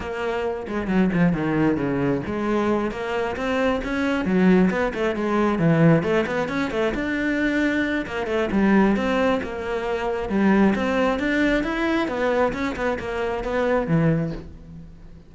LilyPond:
\new Staff \with { instrumentName = "cello" } { \time 4/4 \tempo 4 = 134 ais4. gis8 fis8 f8 dis4 | cis4 gis4. ais4 c'8~ | c'8 cis'4 fis4 b8 a8 gis8~ | gis8 e4 a8 b8 cis'8 a8 d'8~ |
d'2 ais8 a8 g4 | c'4 ais2 g4 | c'4 d'4 e'4 b4 | cis'8 b8 ais4 b4 e4 | }